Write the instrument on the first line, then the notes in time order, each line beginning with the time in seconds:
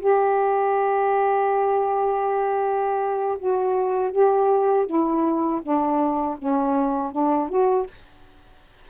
saxophone
0.00 G4
3.39 F#4
4.11 G4
4.86 E4
5.62 D4
6.38 C#4
7.12 D4
7.49 F#4